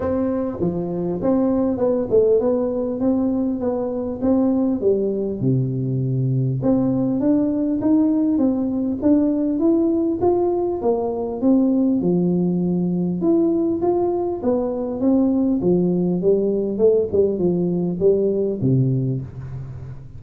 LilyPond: \new Staff \with { instrumentName = "tuba" } { \time 4/4 \tempo 4 = 100 c'4 f4 c'4 b8 a8 | b4 c'4 b4 c'4 | g4 c2 c'4 | d'4 dis'4 c'4 d'4 |
e'4 f'4 ais4 c'4 | f2 e'4 f'4 | b4 c'4 f4 g4 | a8 g8 f4 g4 c4 | }